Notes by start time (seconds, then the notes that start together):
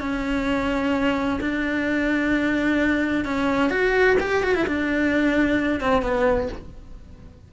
0.00 C#4
1.41 D4
3.25 C#4
3.70 F#4
4.20 G4
4.43 F#4
4.55 E4
4.67 D4
5.81 C4
6.02 B3